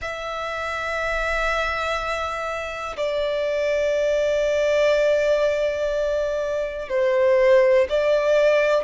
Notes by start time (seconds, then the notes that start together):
0.01 E5
2.96 D5
6.89 C5
7.89 D5